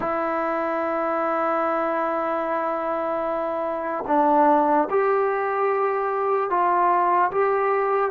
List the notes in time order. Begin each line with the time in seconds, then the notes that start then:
0.00 E4
4.07 D4
4.90 G4
6.49 F4
7.31 G4